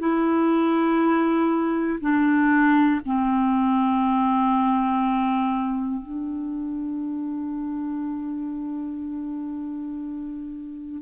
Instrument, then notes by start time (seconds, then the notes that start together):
clarinet
0.00 E4
2.01 D4
3.06 C4
6.02 D4